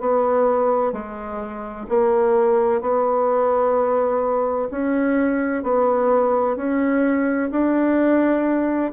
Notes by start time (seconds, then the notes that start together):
0.00 B3
0.93 G#3
1.89 A#3
2.82 B3
4.71 C#4
5.63 B3
6.57 C#4
7.52 D4